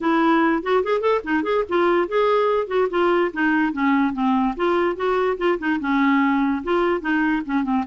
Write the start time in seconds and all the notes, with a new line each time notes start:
0.00 E4
0.62 F#4
0.83 G#4
1.00 A4
1.24 D#4
1.43 G#4
1.68 F4
2.08 G#4
2.67 F#4
2.90 F4
3.33 D#4
3.72 C#4
4.13 C4
4.56 F4
4.96 F#4
5.37 F4
5.58 D#4
5.80 C#4
6.63 F4
7.00 D#4
7.45 C#4
7.63 C4